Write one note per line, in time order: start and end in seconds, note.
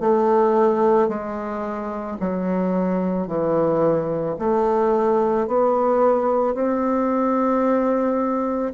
0.00 1.08 A3
1.08 2.17 G#3
2.20 3.27 F#3
3.27 4.36 E3
4.39 5.47 A3
5.47 6.55 B3
6.55 8.73 C4